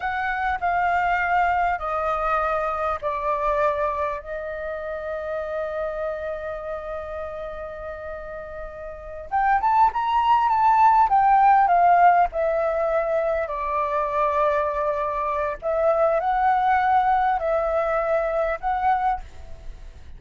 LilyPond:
\new Staff \with { instrumentName = "flute" } { \time 4/4 \tempo 4 = 100 fis''4 f''2 dis''4~ | dis''4 d''2 dis''4~ | dis''1~ | dis''2.~ dis''8 g''8 |
a''8 ais''4 a''4 g''4 f''8~ | f''8 e''2 d''4.~ | d''2 e''4 fis''4~ | fis''4 e''2 fis''4 | }